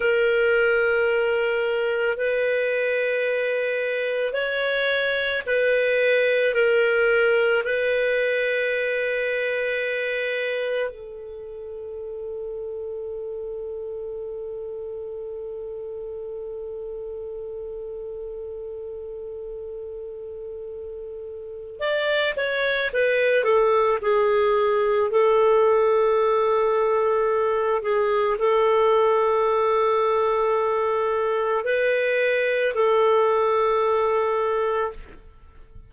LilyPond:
\new Staff \with { instrumentName = "clarinet" } { \time 4/4 \tempo 4 = 55 ais'2 b'2 | cis''4 b'4 ais'4 b'4~ | b'2 a'2~ | a'1~ |
a'1 | d''8 cis''8 b'8 a'8 gis'4 a'4~ | a'4. gis'8 a'2~ | a'4 b'4 a'2 | }